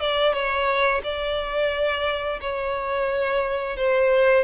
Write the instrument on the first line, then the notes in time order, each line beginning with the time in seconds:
violin
0.00 D5
0.33 C#5
1.04 D5
2.41 C#5
3.77 C5